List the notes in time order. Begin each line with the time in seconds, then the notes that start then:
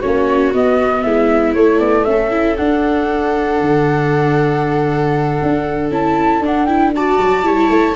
0.00 A#3 C#4 F#4 C#5
0.54 B3 D#5
1.02 G#3 E4 E5
1.55 A3 C#5
1.80 B3 D5
2.05 C#4 A4 E5
2.31 E4
2.57 D4 F#5
3.61 D3
5.43 D4
5.91 C#4 E4 A5
6.40 D4 F#5
6.66 E4 G5
6.95 F#4 D5 A5
7.19 F#3
7.44 G3 E4 C#5
7.70 A3